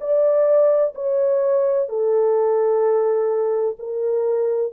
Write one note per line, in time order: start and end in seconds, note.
0.00 0.94 D5
0.95 1.89 C#5
1.89 3.76 A4
3.79 4.73 A#4